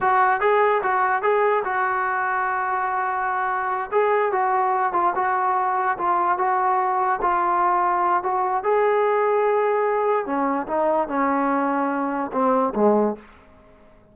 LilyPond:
\new Staff \with { instrumentName = "trombone" } { \time 4/4 \tempo 4 = 146 fis'4 gis'4 fis'4 gis'4 | fis'1~ | fis'4. gis'4 fis'4. | f'8 fis'2 f'4 fis'8~ |
fis'4. f'2~ f'8 | fis'4 gis'2.~ | gis'4 cis'4 dis'4 cis'4~ | cis'2 c'4 gis4 | }